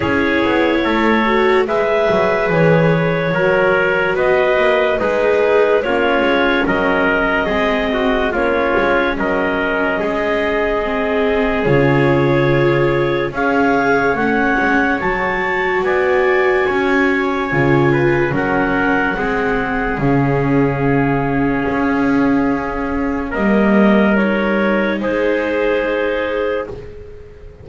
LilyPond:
<<
  \new Staff \with { instrumentName = "clarinet" } { \time 4/4 \tempo 4 = 72 cis''2 e''4 cis''4~ | cis''4 dis''4 b'4 cis''4 | dis''2 cis''4 dis''4~ | dis''2 cis''2 |
f''4 fis''4 a''4 gis''4~ | gis''2 fis''2 | f''1 | dis''4 cis''4 c''2 | }
  \new Staff \with { instrumentName = "trumpet" } { \time 4/4 gis'4 a'4 b'2 | ais'4 b'4 dis'4 f'4 | ais'4 gis'8 fis'8 f'4 ais'4 | gis'1 |
cis''2. d''4 | cis''4. b'8 ais'4 gis'4~ | gis'1 | ais'2 gis'2 | }
  \new Staff \with { instrumentName = "viola" } { \time 4/4 e'4. fis'8 gis'2 | fis'2 gis'4 cis'4~ | cis'4 c'4 cis'2~ | cis'4 c'4 f'2 |
gis'4 cis'4 fis'2~ | fis'4 f'4 cis'4 c'4 | cis'1 | ais4 dis'2. | }
  \new Staff \with { instrumentName = "double bass" } { \time 4/4 cis'8 b8 a4 gis8 fis8 e4 | fis4 b8 ais8 gis4 ais8 gis8 | fis4 gis4 ais8 gis8 fis4 | gis2 cis2 |
cis'4 a8 gis8 fis4 b4 | cis'4 cis4 fis4 gis4 | cis2 cis'2 | g2 gis2 | }
>>